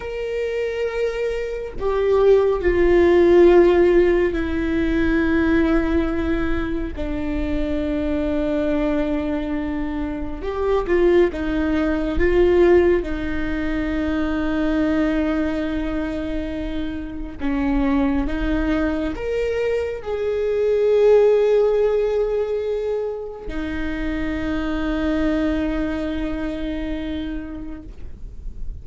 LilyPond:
\new Staff \with { instrumentName = "viola" } { \time 4/4 \tempo 4 = 69 ais'2 g'4 f'4~ | f'4 e'2. | d'1 | g'8 f'8 dis'4 f'4 dis'4~ |
dis'1 | cis'4 dis'4 ais'4 gis'4~ | gis'2. dis'4~ | dis'1 | }